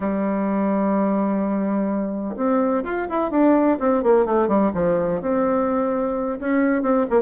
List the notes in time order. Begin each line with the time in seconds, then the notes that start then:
0.00 G3
2.36 C4
2.83 F4
3.09 E4
3.30 D4
3.79 C4
4.03 A#3
4.25 A3
4.48 G3
4.74 F3
5.21 C4
6.39 C#4
6.82 C4
7.10 A#3